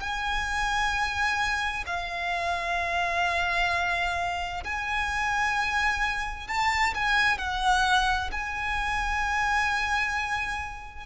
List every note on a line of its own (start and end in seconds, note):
0.00 1.85 G#5
1.87 4.64 F5
4.64 6.48 G#5
6.48 6.94 A5
6.95 7.38 G#5
7.38 8.31 F#5
8.32 11.06 G#5